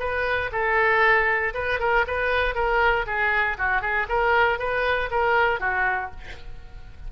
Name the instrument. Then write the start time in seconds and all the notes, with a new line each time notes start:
oboe
0.00 B4
0.52 A4
1.54 B4
1.80 A#4
2.07 B4
2.55 A#4
3.07 G#4
3.58 F#4
3.82 G#4
4.09 A#4
4.59 B4
5.11 A#4
5.60 F#4